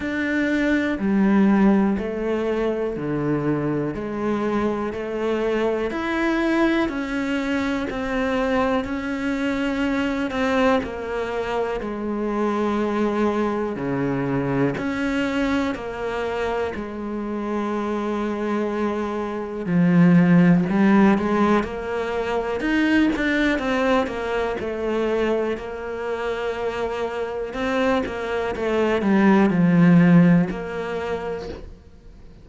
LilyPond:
\new Staff \with { instrumentName = "cello" } { \time 4/4 \tempo 4 = 61 d'4 g4 a4 d4 | gis4 a4 e'4 cis'4 | c'4 cis'4. c'8 ais4 | gis2 cis4 cis'4 |
ais4 gis2. | f4 g8 gis8 ais4 dis'8 d'8 | c'8 ais8 a4 ais2 | c'8 ais8 a8 g8 f4 ais4 | }